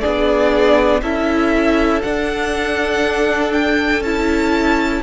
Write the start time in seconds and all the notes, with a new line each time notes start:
0.00 B3 D4 G#4 D5
1.01 C#4 E4 A4 E5
2.01 D4 F#5
3.52 G5
4.00 C#4 E4 A5